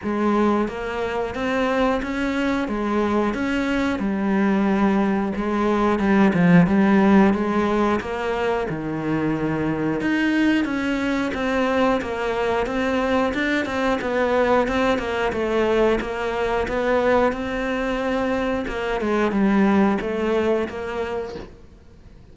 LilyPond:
\new Staff \with { instrumentName = "cello" } { \time 4/4 \tempo 4 = 90 gis4 ais4 c'4 cis'4 | gis4 cis'4 g2 | gis4 g8 f8 g4 gis4 | ais4 dis2 dis'4 |
cis'4 c'4 ais4 c'4 | d'8 c'8 b4 c'8 ais8 a4 | ais4 b4 c'2 | ais8 gis8 g4 a4 ais4 | }